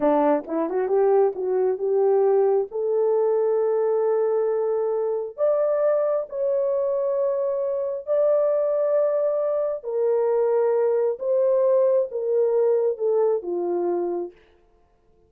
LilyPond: \new Staff \with { instrumentName = "horn" } { \time 4/4 \tempo 4 = 134 d'4 e'8 fis'8 g'4 fis'4 | g'2 a'2~ | a'1 | d''2 cis''2~ |
cis''2 d''2~ | d''2 ais'2~ | ais'4 c''2 ais'4~ | ais'4 a'4 f'2 | }